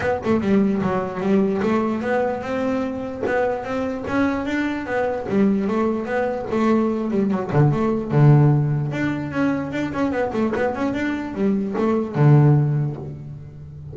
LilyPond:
\new Staff \with { instrumentName = "double bass" } { \time 4/4 \tempo 4 = 148 b8 a8 g4 fis4 g4 | a4 b4 c'2 | b4 c'4 cis'4 d'4 | b4 g4 a4 b4 |
a4. g8 fis8 d8 a4 | d2 d'4 cis'4 | d'8 cis'8 b8 a8 b8 cis'8 d'4 | g4 a4 d2 | }